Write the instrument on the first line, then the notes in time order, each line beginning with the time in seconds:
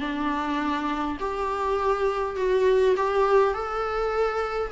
viola
0.00 D4
1.20 G4
2.36 F#4
2.97 G4
3.54 A4